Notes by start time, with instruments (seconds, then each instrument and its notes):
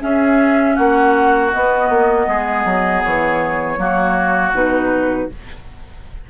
0.00 clarinet C#4, bassoon C#4, oboe G#4, flute E5
0.75 bassoon A#3, oboe F#4, flute F#5
1.53 clarinet B3, bassoon B3, flute D#5
1.89 bassoon A#3
2.27 bassoon G#3, oboe G#4
2.65 bassoon F#3
3.03 bassoon E3, flute C#5
3.78 bassoon F#3, clarinet A#3, oboe F#4
4.52 bassoon B2, clarinet D#4, flute B4